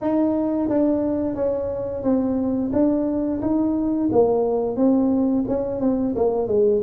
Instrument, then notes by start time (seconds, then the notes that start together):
tuba
0.01 D#4
0.68 D4
1.35 C#4
2.03 C4
2.72 D4
3.41 D#4
4.12 A#3
4.76 C4
5.48 C#4
5.80 C4
6.15 A#3
6.47 G#3